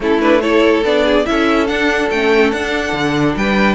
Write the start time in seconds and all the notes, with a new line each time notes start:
0.00 A3 C#4 E4 A4
0.21 D4 B4
0.41 E4 A4 C#5
0.83 B3 D4 D5
1.04 G#4
1.25 C#4 E4 A4 E5
1.67 D4 F#5
2.10 A3 C#4 G5
2.51 D4 F#5
2.92 D3
3.36 G3 B4 G5